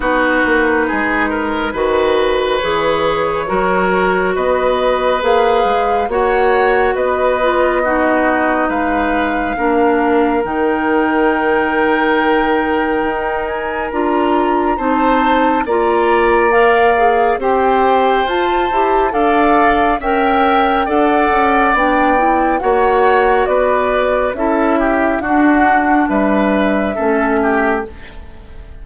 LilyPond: <<
  \new Staff \with { instrumentName = "flute" } { \time 4/4 \tempo 4 = 69 b'2. cis''4~ | cis''4 dis''4 f''4 fis''4 | dis''2 f''2 | g''2.~ g''8 gis''8 |
ais''4 a''4 ais''4 f''4 | g''4 a''4 f''4 g''4 | fis''4 g''4 fis''4 d''4 | e''4 fis''4 e''2 | }
  \new Staff \with { instrumentName = "oboe" } { \time 4/4 fis'4 gis'8 ais'8 b'2 | ais'4 b'2 cis''4 | b'4 fis'4 b'4 ais'4~ | ais'1~ |
ais'4 c''4 d''2 | c''2 d''4 e''4 | d''2 cis''4 b'4 | a'8 g'8 fis'4 b'4 a'8 g'8 | }
  \new Staff \with { instrumentName = "clarinet" } { \time 4/4 dis'2 fis'4 gis'4 | fis'2 gis'4 fis'4~ | fis'8 f'8 dis'2 d'4 | dis'1 |
f'4 dis'4 f'4 ais'8 gis'8 | g'4 f'8 g'8 a'4 ais'4 | a'4 d'8 e'8 fis'2 | e'4 d'2 cis'4 | }
  \new Staff \with { instrumentName = "bassoon" } { \time 4/4 b8 ais8 gis4 dis4 e4 | fis4 b4 ais8 gis8 ais4 | b2 gis4 ais4 | dis2. dis'4 |
d'4 c'4 ais2 | c'4 f'8 e'8 d'4 cis'4 | d'8 cis'8 b4 ais4 b4 | cis'4 d'4 g4 a4 | }
>>